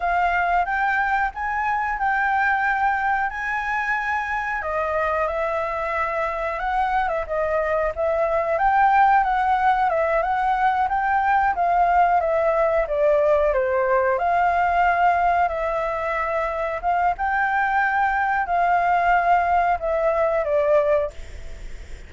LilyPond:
\new Staff \with { instrumentName = "flute" } { \time 4/4 \tempo 4 = 91 f''4 g''4 gis''4 g''4~ | g''4 gis''2 dis''4 | e''2 fis''8. e''16 dis''4 | e''4 g''4 fis''4 e''8 fis''8~ |
fis''8 g''4 f''4 e''4 d''8~ | d''8 c''4 f''2 e''8~ | e''4. f''8 g''2 | f''2 e''4 d''4 | }